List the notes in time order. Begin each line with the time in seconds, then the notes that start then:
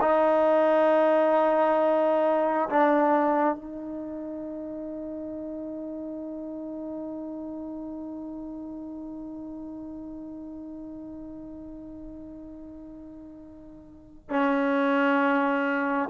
0.00 D#4
2.69 D4
3.55 D#4
14.30 C#4